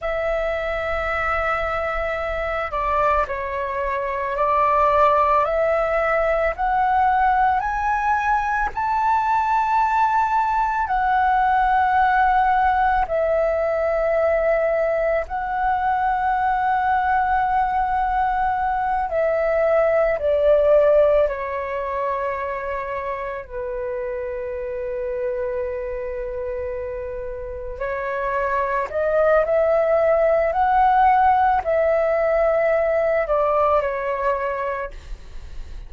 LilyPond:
\new Staff \with { instrumentName = "flute" } { \time 4/4 \tempo 4 = 55 e''2~ e''8 d''8 cis''4 | d''4 e''4 fis''4 gis''4 | a''2 fis''2 | e''2 fis''2~ |
fis''4. e''4 d''4 cis''8~ | cis''4. b'2~ b'8~ | b'4. cis''4 dis''8 e''4 | fis''4 e''4. d''8 cis''4 | }